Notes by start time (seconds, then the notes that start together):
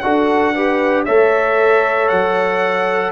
0.00 D4 F#4 A4 F#5
0.55 G4 B4
1.05 A3 A4 C#5 E5
2.08 F#3 F#5